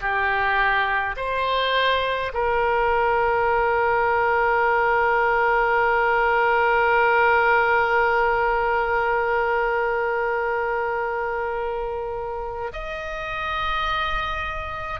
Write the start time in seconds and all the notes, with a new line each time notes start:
0.00 G4
1.16 C5
2.33 A#4
12.72 D#5